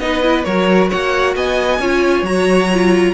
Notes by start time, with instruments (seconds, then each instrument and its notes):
0.00 cello B3, viola D#4, violin B4 D#5
0.23 viola E4
0.44 cello F#3, viola F#4, violin A#4 C#5
0.90 cello A#3, violin C#5 F#5
1.36 cello B3, violin D#5 G#5
1.79 cello C#4, viola F4, violin C#5
2.23 cello F#3, viola F#4, violin A#5
2.74 viola F4